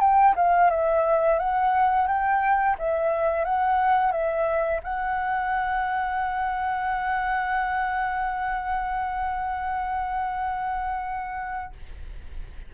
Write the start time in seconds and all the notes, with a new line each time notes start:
0.00 G5
0.36 F5
0.70 E5
1.39 F#5
2.07 G5
2.78 E5
3.44 F#5
4.12 E5
4.83 F#5